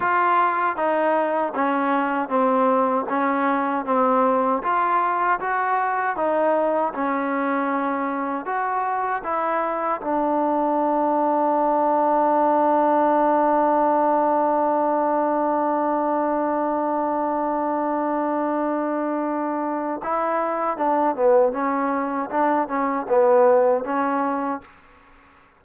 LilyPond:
\new Staff \with { instrumentName = "trombone" } { \time 4/4 \tempo 4 = 78 f'4 dis'4 cis'4 c'4 | cis'4 c'4 f'4 fis'4 | dis'4 cis'2 fis'4 | e'4 d'2.~ |
d'1~ | d'1~ | d'2 e'4 d'8 b8 | cis'4 d'8 cis'8 b4 cis'4 | }